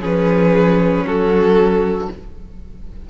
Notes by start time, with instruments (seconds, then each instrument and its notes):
0.00 cello F3, viola C#4, violin G#4 B4
1.04 cello F#3, violin F#4 A4